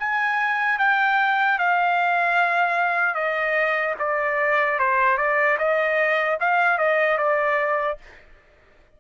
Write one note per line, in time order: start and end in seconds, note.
0.00 0.79 G#5
0.79 1.59 G5
1.59 3.15 F5
3.15 3.95 D#5
3.99 4.79 D5
4.80 5.18 C5
5.18 5.58 D5
5.59 6.39 D#5
6.40 6.79 F5
6.79 7.18 D#5
7.18 7.98 D5